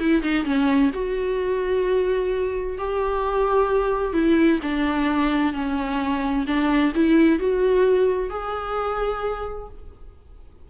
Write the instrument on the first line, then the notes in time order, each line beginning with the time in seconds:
viola
0.00 E4
0.23 D#4
0.45 C#4
0.94 F#4
2.78 G4
4.13 E4
4.63 D4
5.54 C#4
6.47 D4
6.95 E4
7.40 F#4
8.30 G#4